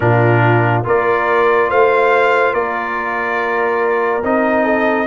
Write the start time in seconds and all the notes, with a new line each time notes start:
0.00 A#2 D4 F4 A#4
0.84 A#3 F4 A#4 D5
1.69 A3 C5 F5
2.53 A#3 A#4 D5
4.23 C4 D#4 D#5
4.64 A4